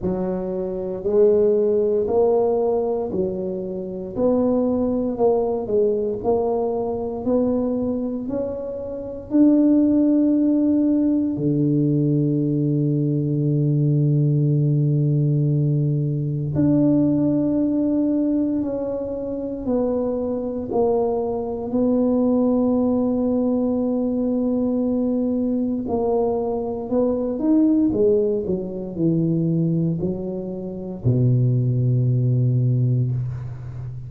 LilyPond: \new Staff \with { instrumentName = "tuba" } { \time 4/4 \tempo 4 = 58 fis4 gis4 ais4 fis4 | b4 ais8 gis8 ais4 b4 | cis'4 d'2 d4~ | d1 |
d'2 cis'4 b4 | ais4 b2.~ | b4 ais4 b8 dis'8 gis8 fis8 | e4 fis4 b,2 | }